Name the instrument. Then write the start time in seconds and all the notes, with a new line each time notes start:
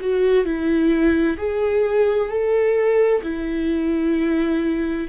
viola
0.00 F#4
0.44 E4
1.37 G#4
2.29 A4
3.23 E4